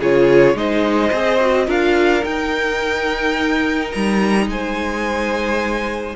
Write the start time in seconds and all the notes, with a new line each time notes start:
0.00 C#3 F4 G#4 C#5
0.54 G#3 D#4 C5 D#5
1.12 C4 G#4
1.41 F#4
1.66 D4 F4 A#4 F5
2.24 D#4 G5
3.92 G3 A#5
4.47 G#3 C5 G#5